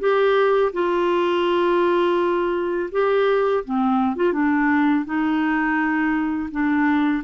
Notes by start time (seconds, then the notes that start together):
0.00 G4
0.73 F4
2.92 G4
3.65 C4
4.16 F4
4.33 D4
5.06 D#4
6.52 D4